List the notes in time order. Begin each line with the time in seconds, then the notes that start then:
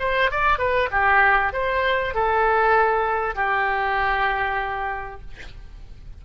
0.00 C5
0.31 D5
0.59 B4
0.92 G4
1.53 C5
2.15 A4
3.36 G4